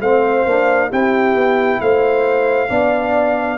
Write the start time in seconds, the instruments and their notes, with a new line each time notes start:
0.00 tuba A3, trombone C4, horn C5, trumpet F5
0.46 tuba A#3, trombone D4
0.89 tuba C4, trombone E4, horn G4, trumpet G5
1.35 tuba B3
1.80 tuba A3, horn C5, trumpet F5
2.68 tuba B3, trombone D4, horn D5